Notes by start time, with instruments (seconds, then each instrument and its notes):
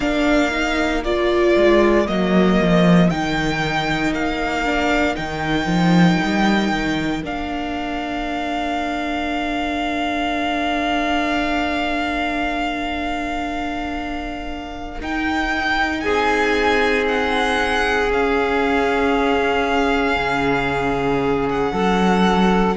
0.00 cello A#3, viola D4, saxophone A#4, violin F5
0.51 viola D#4
1.04 viola F4, violin D5
1.56 cello G#3
2.07 cello F#3, viola A#3, violin D#5
2.61 cello F3
3.09 cello D#3, viola D#4, violin G5
4.12 cello A#3, violin F5
4.65 viola D4
5.15 cello D#3, viola D#4, violin G5
5.66 cello F3
6.23 cello G3
6.71 cello D#3
7.23 cello A#3, viola D4, violin F5
15.00 cello D#4, viola D#4, violin G5
16.00 saxophone G#4, violin G#5
16.06 cello C4
17.08 violin F#5
18.07 viola C#4, cello C#4, violin F5
20.16 cello C#3
21.49 violin F#5
21.71 cello F#3, saxophone A4